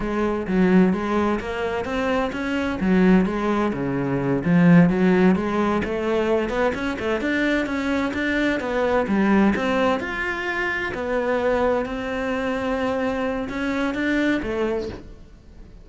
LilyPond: \new Staff \with { instrumentName = "cello" } { \time 4/4 \tempo 4 = 129 gis4 fis4 gis4 ais4 | c'4 cis'4 fis4 gis4 | cis4. f4 fis4 gis8~ | gis8 a4. b8 cis'8 a8 d'8~ |
d'8 cis'4 d'4 b4 g8~ | g8 c'4 f'2 b8~ | b4. c'2~ c'8~ | c'4 cis'4 d'4 a4 | }